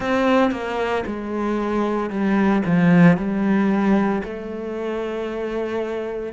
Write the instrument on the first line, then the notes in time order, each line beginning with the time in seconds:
cello
0.00 C4
0.51 A#3
1.06 G#3
2.10 G3
2.66 F3
3.17 G3
4.23 A3